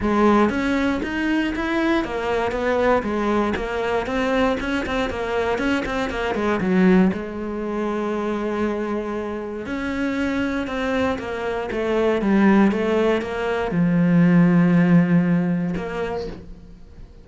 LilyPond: \new Staff \with { instrumentName = "cello" } { \time 4/4 \tempo 4 = 118 gis4 cis'4 dis'4 e'4 | ais4 b4 gis4 ais4 | c'4 cis'8 c'8 ais4 cis'8 c'8 | ais8 gis8 fis4 gis2~ |
gis2. cis'4~ | cis'4 c'4 ais4 a4 | g4 a4 ais4 f4~ | f2. ais4 | }